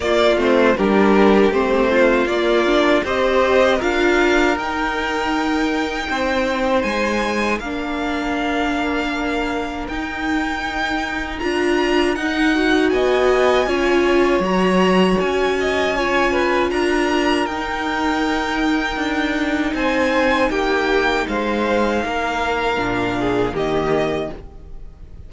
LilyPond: <<
  \new Staff \with { instrumentName = "violin" } { \time 4/4 \tempo 4 = 79 d''8 c''8 ais'4 c''4 d''4 | dis''4 f''4 g''2~ | g''4 gis''4 f''2~ | f''4 g''2 ais''4 |
fis''4 gis''2 ais''4 | gis''2 ais''4 g''4~ | g''2 gis''4 g''4 | f''2. dis''4 | }
  \new Staff \with { instrumentName = "violin" } { \time 4/4 f'4 g'4. f'4. | c''4 ais'2. | c''2 ais'2~ | ais'1~ |
ais'4 dis''4 cis''2~ | cis''8 dis''8 cis''8 b'8 ais'2~ | ais'2 c''4 g'4 | c''4 ais'4. gis'8 g'4 | }
  \new Staff \with { instrumentName = "viola" } { \time 4/4 ais8 c'8 d'4 c'4 ais8 d'8 | g'4 f'4 dis'2~ | dis'2 d'2~ | d'4 dis'2 f'4 |
dis'8 fis'4. f'4 fis'4~ | fis'4 f'2 dis'4~ | dis'1~ | dis'2 d'4 ais4 | }
  \new Staff \with { instrumentName = "cello" } { \time 4/4 ais8 a8 g4 a4 ais4 | c'4 d'4 dis'2 | c'4 gis4 ais2~ | ais4 dis'2 d'4 |
dis'4 b4 cis'4 fis4 | cis'2 d'4 dis'4~ | dis'4 d'4 c'4 ais4 | gis4 ais4 ais,4 dis4 | }
>>